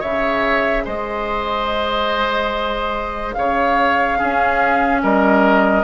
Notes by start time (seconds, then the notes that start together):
0.00 C#3 G#4 C#5 E5
0.85 G#3 C5 D#5
3.34 C#3 C#5 F5
4.18 C#4 G#4
5.03 G3 A#4 D#5